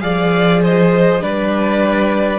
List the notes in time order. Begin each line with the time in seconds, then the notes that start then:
0.00 F3 G#4 D5 F5
0.62 C5 D#5
1.20 G3 D4 B4 D5